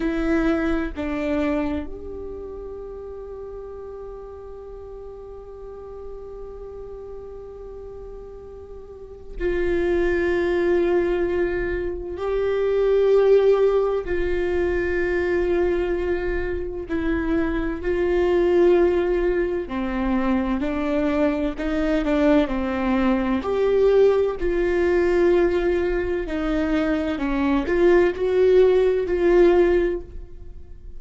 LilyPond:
\new Staff \with { instrumentName = "viola" } { \time 4/4 \tempo 4 = 64 e'4 d'4 g'2~ | g'1~ | g'2 f'2~ | f'4 g'2 f'4~ |
f'2 e'4 f'4~ | f'4 c'4 d'4 dis'8 d'8 | c'4 g'4 f'2 | dis'4 cis'8 f'8 fis'4 f'4 | }